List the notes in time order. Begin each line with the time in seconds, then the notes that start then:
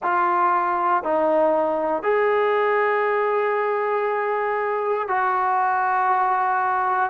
0.02 F4
1.03 D#4
2.02 G#4
5.08 F#4